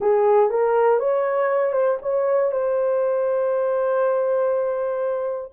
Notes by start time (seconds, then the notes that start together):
0.00 G#4
0.50 A#4
0.99 C#5
1.72 C5
2.02 C#5
2.51 C5